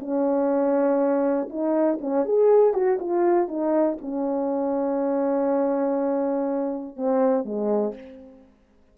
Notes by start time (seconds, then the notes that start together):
0.00 C#4
1.49 D#4
2.01 C#4
2.25 G#4
2.74 F#4
2.99 F4
3.48 D#4
4.01 C#4
6.96 C4
7.45 G#3